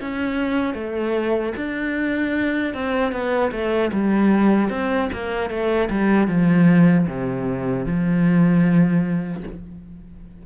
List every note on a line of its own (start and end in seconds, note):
0.00 0.74 C#4
0.74 1.53 A3
1.56 2.74 D4
2.74 3.11 C4
3.11 3.51 B3
3.52 3.91 A3
3.92 4.69 G3
4.69 5.09 C4
5.12 5.50 A#3
5.50 5.89 A3
5.90 6.28 G3
6.28 7.07 F3
7.07 7.85 C3
7.85 9.43 F3